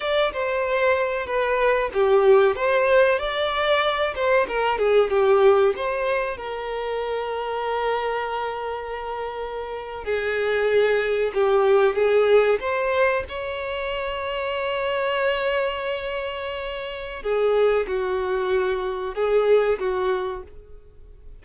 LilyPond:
\new Staff \with { instrumentName = "violin" } { \time 4/4 \tempo 4 = 94 d''8 c''4. b'4 g'4 | c''4 d''4. c''8 ais'8 gis'8 | g'4 c''4 ais'2~ | ais'2.~ ais'8. gis'16~ |
gis'4.~ gis'16 g'4 gis'4 c''16~ | c''8. cis''2.~ cis''16~ | cis''2. gis'4 | fis'2 gis'4 fis'4 | }